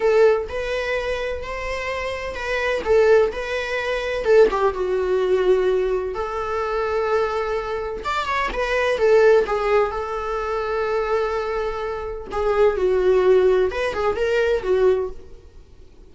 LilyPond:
\new Staff \with { instrumentName = "viola" } { \time 4/4 \tempo 4 = 127 a'4 b'2 c''4~ | c''4 b'4 a'4 b'4~ | b'4 a'8 g'8 fis'2~ | fis'4 a'2.~ |
a'4 d''8 cis''8 b'4 a'4 | gis'4 a'2.~ | a'2 gis'4 fis'4~ | fis'4 b'8 gis'8 ais'4 fis'4 | }